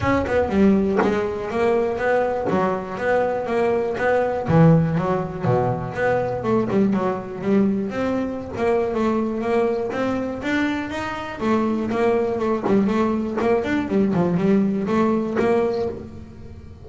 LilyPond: \new Staff \with { instrumentName = "double bass" } { \time 4/4 \tempo 4 = 121 cis'8 b8 g4 gis4 ais4 | b4 fis4 b4 ais4 | b4 e4 fis4 b,4 | b4 a8 g8 fis4 g4 |
c'4~ c'16 ais8. a4 ais4 | c'4 d'4 dis'4 a4 | ais4 a8 g8 a4 ais8 d'8 | g8 f8 g4 a4 ais4 | }